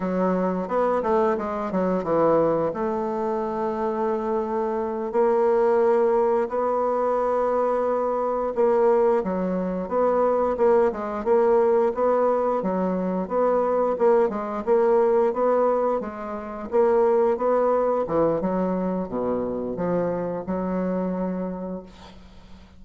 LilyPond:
\new Staff \with { instrumentName = "bassoon" } { \time 4/4 \tempo 4 = 88 fis4 b8 a8 gis8 fis8 e4 | a2.~ a8 ais8~ | ais4. b2~ b8~ | b8 ais4 fis4 b4 ais8 |
gis8 ais4 b4 fis4 b8~ | b8 ais8 gis8 ais4 b4 gis8~ | gis8 ais4 b4 e8 fis4 | b,4 f4 fis2 | }